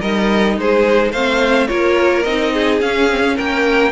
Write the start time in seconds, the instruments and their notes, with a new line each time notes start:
0.00 cello G3, viola D#4, violin A#4 D#5
0.57 cello G#3, violin G#4 C5
1.11 cello A3, viola C4, violin C5 F5
1.67 cello A#3, viola F4, violin A#4 C#5
2.22 cello C4, viola D#4, violin D#5
2.53 violin G#4
2.81 viola C#4, cello C#4, violin F5
3.09 viola C4
3.22 viola C#4
3.36 cello A#3, violin A#4 G5